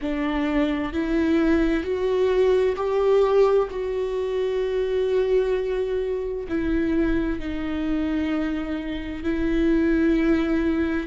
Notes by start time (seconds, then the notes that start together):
0.01 D4
0.92 E4
1.83 F#4
2.76 G4
3.70 F#4
6.48 E4
7.39 D#4
9.23 E4